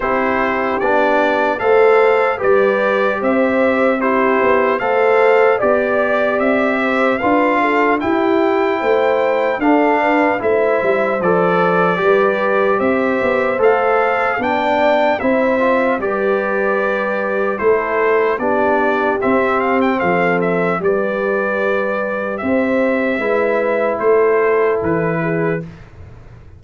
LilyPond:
<<
  \new Staff \with { instrumentName = "trumpet" } { \time 4/4 \tempo 4 = 75 c''4 d''4 f''4 d''4 | e''4 c''4 f''4 d''4 | e''4 f''4 g''2 | f''4 e''4 d''2 |
e''4 f''4 g''4 e''4 | d''2 c''4 d''4 | e''8 f''16 g''16 f''8 e''8 d''2 | e''2 c''4 b'4 | }
  \new Staff \with { instrumentName = "horn" } { \time 4/4 g'2 c''4 b'4 | c''4 g'4 c''4 d''4~ | d''8 c''8 b'8 a'8 g'4 c''4 | a'8 b'8 c''2 b'4 |
c''2 d''4 c''4 | b'2 a'4 g'4~ | g'4 a'4 b'2 | c''4 b'4 a'4. gis'8 | }
  \new Staff \with { instrumentName = "trombone" } { \time 4/4 e'4 d'4 a'4 g'4~ | g'4 e'4 a'4 g'4~ | g'4 f'4 e'2 | d'4 e'4 a'4 g'4~ |
g'4 a'4 d'4 e'8 f'8 | g'2 e'4 d'4 | c'2 g'2~ | g'4 e'2. | }
  \new Staff \with { instrumentName = "tuba" } { \time 4/4 c'4 b4 a4 g4 | c'4. b8 a4 b4 | c'4 d'4 e'4 a4 | d'4 a8 g8 f4 g4 |
c'8 b8 a4 b4 c'4 | g2 a4 b4 | c'4 f4 g2 | c'4 gis4 a4 e4 | }
>>